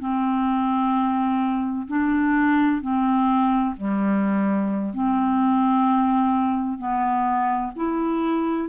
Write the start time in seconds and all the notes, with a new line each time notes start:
0.00 C4
1.88 D4
2.82 C4
3.77 G3
4.94 C4
6.78 B3
7.76 E4